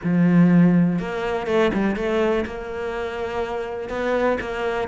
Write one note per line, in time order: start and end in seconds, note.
0.03 0.99 F3
0.99 1.46 A#3
1.46 1.71 A3
1.73 1.96 G3
1.96 2.45 A3
2.45 3.89 A#3
3.89 4.38 B3
4.41 4.88 A#3